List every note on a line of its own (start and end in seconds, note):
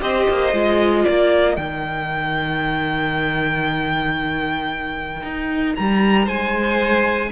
0.00 0.28 C4
0.00 0.52 G4
0.00 1.05 C5
0.00 1.05 D#5
0.30 0.53 A#3
0.53 1.05 G#3
0.53 1.58 F4
1.05 1.57 A#3
1.05 6.25 A#4
1.05 1.57 D5
1.57 5.22 D#3
1.57 7.32 D#4
1.57 5.74 G5
5.23 5.75 D#4
5.76 6.27 G3
5.76 6.28 A#5
6.25 7.32 G#3
6.25 7.29 C5
6.25 7.32 G#5